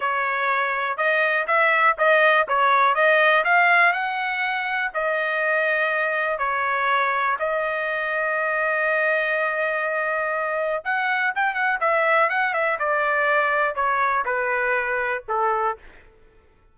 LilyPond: \new Staff \with { instrumentName = "trumpet" } { \time 4/4 \tempo 4 = 122 cis''2 dis''4 e''4 | dis''4 cis''4 dis''4 f''4 | fis''2 dis''2~ | dis''4 cis''2 dis''4~ |
dis''1~ | dis''2 fis''4 g''8 fis''8 | e''4 fis''8 e''8 d''2 | cis''4 b'2 a'4 | }